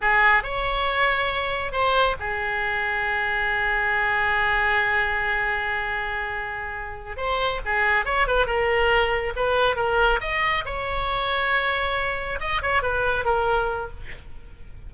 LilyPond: \new Staff \with { instrumentName = "oboe" } { \time 4/4 \tempo 4 = 138 gis'4 cis''2. | c''4 gis'2.~ | gis'1~ | gis'1~ |
gis'8 c''4 gis'4 cis''8 b'8 ais'8~ | ais'4. b'4 ais'4 dis''8~ | dis''8 cis''2.~ cis''8~ | cis''8 dis''8 cis''8 b'4 ais'4. | }